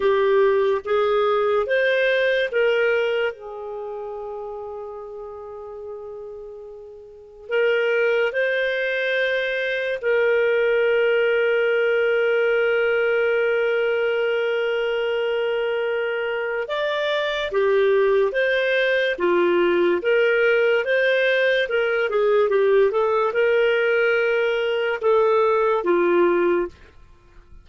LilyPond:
\new Staff \with { instrumentName = "clarinet" } { \time 4/4 \tempo 4 = 72 g'4 gis'4 c''4 ais'4 | gis'1~ | gis'4 ais'4 c''2 | ais'1~ |
ais'1 | d''4 g'4 c''4 f'4 | ais'4 c''4 ais'8 gis'8 g'8 a'8 | ais'2 a'4 f'4 | }